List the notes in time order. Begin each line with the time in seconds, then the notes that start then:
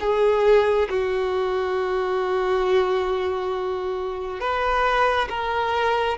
0.00 G#4
0.89 F#4
4.40 B4
5.29 A#4